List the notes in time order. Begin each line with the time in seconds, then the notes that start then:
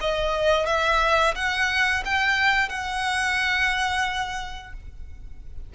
0.00 D#5
0.66 E5
1.35 F#5
2.05 G5
2.68 F#5